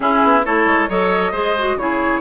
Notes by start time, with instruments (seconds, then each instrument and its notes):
0.00 bassoon C#4, clarinet C#4, oboe E4, flute G#4
0.23 bassoon B3
0.44 bassoon A3, clarinet E4, oboe A4, flute C#5
0.65 bassoon G#3
0.89 bassoon F#3, clarinet A4, oboe C#5, flute D#5
1.31 bassoon G#3, clarinet G#4, oboe C5
1.58 clarinet F#4
1.75 bassoon C#3, clarinet E4, oboe G#4, flute C#5